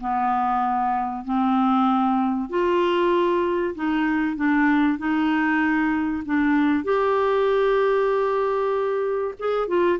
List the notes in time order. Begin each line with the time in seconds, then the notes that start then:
0.00 B3
1.24 C4
2.49 F4
3.75 D#4
4.36 D4
4.98 D#4
6.25 D4
6.84 G4
9.39 G#4
9.68 F4